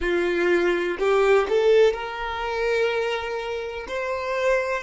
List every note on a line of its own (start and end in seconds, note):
0.00 0.97 F4
0.99 1.47 G4
1.48 1.93 A4
1.93 3.86 A#4
3.88 4.83 C5